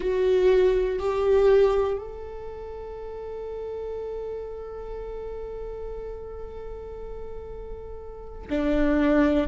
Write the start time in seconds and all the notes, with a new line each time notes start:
0.00 F#4
0.99 G4
1.98 A4
8.50 D4